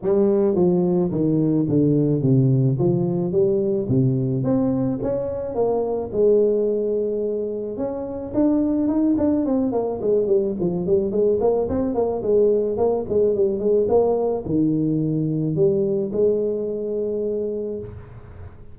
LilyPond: \new Staff \with { instrumentName = "tuba" } { \time 4/4 \tempo 4 = 108 g4 f4 dis4 d4 | c4 f4 g4 c4 | c'4 cis'4 ais4 gis4~ | gis2 cis'4 d'4 |
dis'8 d'8 c'8 ais8 gis8 g8 f8 g8 | gis8 ais8 c'8 ais8 gis4 ais8 gis8 | g8 gis8 ais4 dis2 | g4 gis2. | }